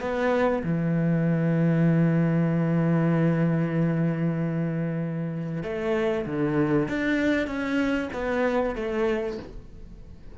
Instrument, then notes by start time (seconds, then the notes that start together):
cello
0.00 B3
0.63 E3
5.63 A3
6.26 D3
6.88 D4
7.47 C#4
8.13 B3
8.75 A3